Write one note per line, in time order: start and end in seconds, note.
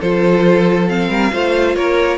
0.00 1.08 F3
0.00 0.87 F4
0.00 1.09 A4
0.00 0.88 C5
0.87 1.31 C4
0.87 1.75 F5
1.08 1.30 G3
1.08 1.31 A#4
1.32 1.75 A3
1.32 2.17 F4
1.32 1.76 C5
1.75 2.17 A#3
1.75 2.17 A#4
1.75 2.17 C#5